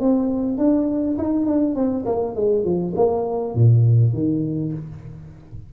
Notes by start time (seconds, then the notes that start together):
0.00 C4
0.58 D4
1.18 D#4
1.46 D4
1.75 C4
2.06 A#3
2.35 G#3
2.64 F3
2.96 A#3
3.55 A#2
4.14 D#3